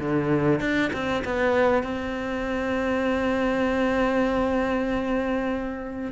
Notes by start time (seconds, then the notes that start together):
0.00 D3
0.61 D4
0.94 C4
1.25 B3
1.84 C4